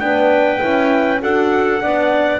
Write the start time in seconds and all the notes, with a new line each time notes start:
0.00 B3 D4 B4 G5
0.60 C#4 E4
1.21 D4 F#4 A4 F#5
1.82 B3 D4 D5